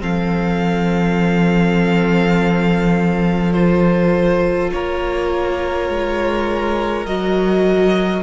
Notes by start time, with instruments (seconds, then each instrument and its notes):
0.00 cello F3, viola C4, violin A4 F5
3.53 viola F4, violin C5
4.72 cello A#3, violin A#4 C#5
5.89 cello G#3
7.06 cello F#3, viola F#4, violin D#5